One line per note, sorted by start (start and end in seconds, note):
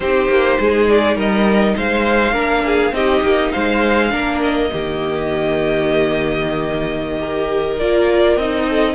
0.00 0.28 C4
0.00 2.33 D#4
0.00 0.59 G4
0.00 0.87 C5
0.28 0.57 A#3
0.59 1.16 G#3
0.59 1.15 G#4
0.88 1.17 D5
1.15 1.74 G3
1.15 1.74 A#4
1.15 1.77 D#5
1.77 2.33 G#3
1.77 2.32 C5
1.77 2.94 F5
2.32 2.91 A#3
2.32 2.92 D4
2.32 2.62 A#4
2.64 2.94 G#4
2.91 3.21 C4
2.91 4.10 D#4
2.91 3.52 G4
2.91 3.52 D#5
3.21 3.50 A#3
3.52 4.13 G#3
3.52 4.10 C5
3.52 4.40 F5
4.10 4.71 A#3
4.10 4.68 D4
4.10 4.70 A#4
4.42 7.79 D#5
4.71 7.81 D#3
4.71 7.18 A#3
4.71 7.20 G4
7.18 7.76 G4
7.18 8.67 A#4
7.79 8.36 A#3
7.79 8.39 F4
7.79 8.37 D5
8.36 8.95 C4
8.36 8.95 D#4
8.36 8.95 D#5
8.68 8.95 A4